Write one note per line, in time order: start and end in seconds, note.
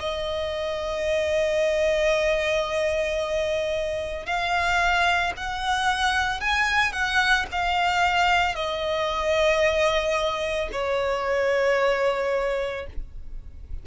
0.00 4.26 D#5
4.26 5.33 F5
5.37 6.40 F#5
6.40 6.93 G#5
6.93 7.46 F#5
7.52 8.55 F5
8.55 10.69 D#5
10.72 12.87 C#5